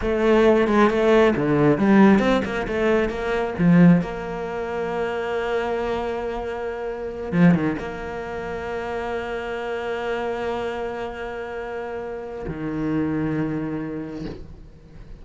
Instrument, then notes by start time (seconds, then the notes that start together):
cello
0.01 A3
0.67 G#3
0.90 A3
1.36 D3
1.78 G3
2.19 C4
2.44 A#3
2.67 A3
3.09 A#3
3.58 F3
4.01 A#3
7.32 F3
7.54 D#3
7.79 A#3
12.47 D#3